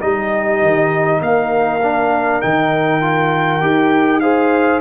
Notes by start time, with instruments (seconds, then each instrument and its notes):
0.00 tuba G3, trombone D#4, horn G4, trumpet D#5
0.62 tuba D#3
1.21 tuba A#3, horn A#4, trumpet F5
1.83 trombone D4
2.42 tuba D#3, trombone D#4, trumpet G5
3.02 trombone F4
3.62 tuba D#4, trombone G4
4.21 trombone G#4, horn C5, trumpet F5